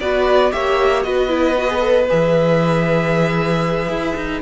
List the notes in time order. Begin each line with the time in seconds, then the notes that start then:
0.00 B3 F#4 B4 D5
0.51 A#3 G4 C#5 E5
1.03 B3 F#4 B4 D#5
1.29 E4
1.58 F#4
1.67 G#4
1.79 A4
2.09 E3 G#4 E5
3.89 E4
4.16 D#4